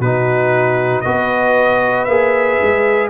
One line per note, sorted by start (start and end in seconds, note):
0.00 1.03 B2
0.00 1.05 D#4
0.00 1.03 F#4
0.00 1.02 B4
1.02 2.07 B3
1.02 2.08 F#4
1.02 3.10 B4
1.02 2.05 D#5
2.05 2.59 A#3
2.05 3.10 G#4
2.05 3.08 E5
2.63 3.10 G#3